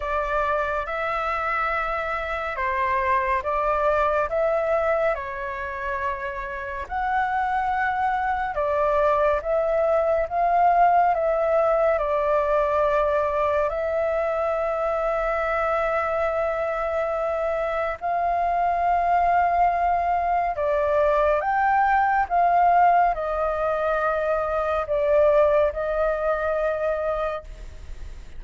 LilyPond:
\new Staff \with { instrumentName = "flute" } { \time 4/4 \tempo 4 = 70 d''4 e''2 c''4 | d''4 e''4 cis''2 | fis''2 d''4 e''4 | f''4 e''4 d''2 |
e''1~ | e''4 f''2. | d''4 g''4 f''4 dis''4~ | dis''4 d''4 dis''2 | }